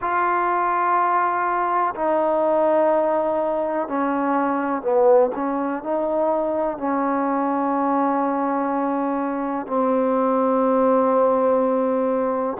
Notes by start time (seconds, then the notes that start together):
0.00 F4
1.95 D#4
3.88 C#4
4.82 B3
5.35 C#4
5.83 D#4
6.77 C#4
9.66 C4